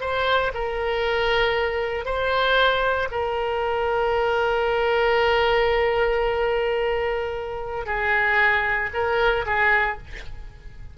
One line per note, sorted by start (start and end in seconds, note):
0.00 0.52 C5
0.54 2.05 A#4
2.05 3.08 C5
3.11 7.86 A#4
7.86 8.89 G#4
8.93 9.45 A#4
9.46 9.97 G#4